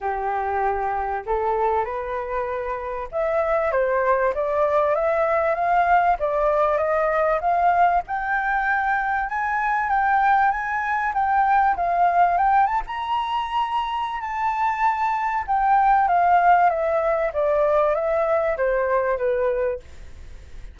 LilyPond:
\new Staff \with { instrumentName = "flute" } { \time 4/4 \tempo 4 = 97 g'2 a'4 b'4~ | b'4 e''4 c''4 d''4 | e''4 f''4 d''4 dis''4 | f''4 g''2 gis''4 |
g''4 gis''4 g''4 f''4 | g''8 a''16 ais''2~ ais''16 a''4~ | a''4 g''4 f''4 e''4 | d''4 e''4 c''4 b'4 | }